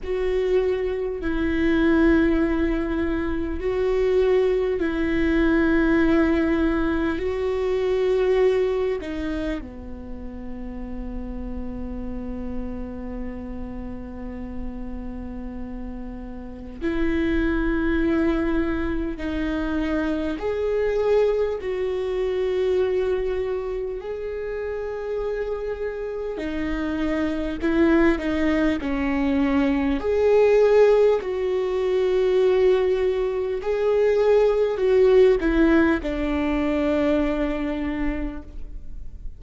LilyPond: \new Staff \with { instrumentName = "viola" } { \time 4/4 \tempo 4 = 50 fis'4 e'2 fis'4 | e'2 fis'4. dis'8 | b1~ | b2 e'2 |
dis'4 gis'4 fis'2 | gis'2 dis'4 e'8 dis'8 | cis'4 gis'4 fis'2 | gis'4 fis'8 e'8 d'2 | }